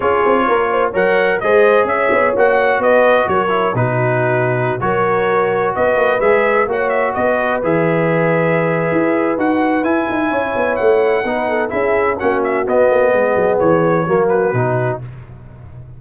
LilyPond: <<
  \new Staff \with { instrumentName = "trumpet" } { \time 4/4 \tempo 4 = 128 cis''2 fis''4 dis''4 | e''4 fis''4 dis''4 cis''4 | b'2~ b'16 cis''4.~ cis''16~ | cis''16 dis''4 e''4 fis''8 e''8 dis''8.~ |
dis''16 e''2.~ e''8. | fis''4 gis''2 fis''4~ | fis''4 e''4 fis''8 e''8 dis''4~ | dis''4 cis''4. b'4. | }
  \new Staff \with { instrumentName = "horn" } { \time 4/4 gis'4 ais'8 c''8 cis''4 c''4 | cis''2 b'4 ais'4 | fis'2~ fis'16 ais'4.~ ais'16~ | ais'16 b'2 cis''4 b'8.~ |
b'1~ | b'2 cis''2 | b'8 a'8 gis'4 fis'2 | gis'2 fis'2 | }
  \new Staff \with { instrumentName = "trombone" } { \time 4/4 f'2 ais'4 gis'4~ | gis'4 fis'2~ fis'8 e'8 | dis'2~ dis'16 fis'4.~ fis'16~ | fis'4~ fis'16 gis'4 fis'4.~ fis'16~ |
fis'16 gis'2.~ gis'8. | fis'4 e'2. | dis'4 e'4 cis'4 b4~ | b2 ais4 dis'4 | }
  \new Staff \with { instrumentName = "tuba" } { \time 4/4 cis'8 c'8 ais4 fis4 gis4 | cis'8 b8 ais4 b4 fis4 | b,2~ b,16 fis4.~ fis16~ | fis16 b8 ais8 gis4 ais4 b8.~ |
b16 e2~ e8. e'4 | dis'4 e'8 dis'8 cis'8 b8 a4 | b4 cis'4 ais4 b8 ais8 | gis8 fis8 e4 fis4 b,4 | }
>>